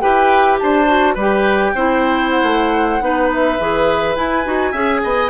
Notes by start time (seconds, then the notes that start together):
0.00 E4 G4 B4 G5
0.59 D4 C5 A5
0.86 F#4
1.14 G3 G4 B4
1.21 G5
1.74 C4 E4 C5
2.30 F#5
2.43 A3
3.00 B3 D#4 B4
3.33 E5
3.59 E3 G#4
4.15 E4 G#5
4.45 D#4 F#4
4.72 C#4 G#4 E5
5.03 B3 D#5